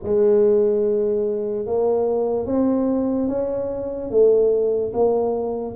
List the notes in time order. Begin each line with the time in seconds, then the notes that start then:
0.02 G#3
1.66 A#3
2.45 C4
3.28 C#4
4.10 A3
4.93 A#3